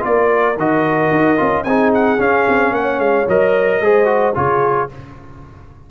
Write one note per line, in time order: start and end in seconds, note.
0.00 0.57 A#3
0.00 0.54 F4
0.00 1.66 A#4
0.00 0.58 D5
0.57 1.11 D#3
0.57 1.37 F#4
0.57 1.63 D#5
1.11 1.38 D#4
1.37 1.65 C#4
1.37 1.64 F4
1.63 2.19 C4
1.63 2.18 D#4
1.63 2.74 G#4
1.63 1.90 G#5
1.94 2.21 F#5
2.18 3.26 C#4
2.18 2.47 C#4
2.18 2.74 F5
2.49 2.72 C4
2.72 2.98 A#3
2.72 3.82 C#5
2.72 3.00 F#5
2.98 3.25 G#3
2.98 3.27 F5
3.28 3.80 F#3
3.28 3.82 A#4
3.28 4.36 D#5
3.80 4.34 G#3
3.80 4.05 G#4
3.80 4.36 C5
4.05 4.32 F#4
4.35 4.91 C#3
4.35 4.89 F4
4.35 4.90 G#4
4.35 4.90 C#5